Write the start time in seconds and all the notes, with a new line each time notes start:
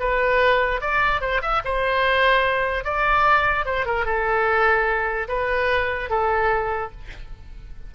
0.00 B4
0.81 D5
1.21 C5
1.42 E5
1.65 C5
2.84 D5
3.65 C5
3.86 A#4
4.05 A4
5.29 B4
6.10 A4